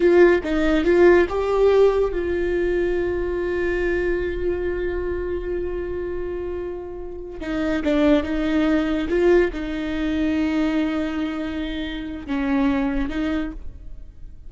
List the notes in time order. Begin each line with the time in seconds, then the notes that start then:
0.00 F4
0.43 D#4
0.84 F4
1.29 G4
2.12 F4
7.40 D#4
7.84 D4
8.23 D#4
9.08 F4
9.52 D#4
12.26 C#4
13.09 D#4